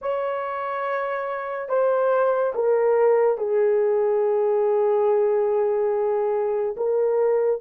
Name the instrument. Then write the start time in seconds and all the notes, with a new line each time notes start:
horn
0.01 C#5
1.68 C5
2.54 A#4
3.37 G#4
6.76 A#4